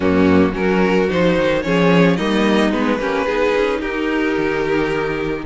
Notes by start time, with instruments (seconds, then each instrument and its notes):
0.00 cello F#2, viola A#3, violin C#4 F#4
0.52 cello F#3, viola C#4, violin F#4 A#4
1.09 cello F3, viola D#4, violin C5
1.37 cello D#3
1.62 cello F3, viola C#4, violin G#4 C#5
2.16 cello G3, viola A#3, violin D#4 D#5
2.71 cello G#3, viola B3, violin B4
2.98 cello A#3, viola C#4, violin G4
3.24 cello B3, viola D#4, violin G#4
3.55 cello C#4
3.79 cello D#4, violin G4 A#4
4.37 cello D#3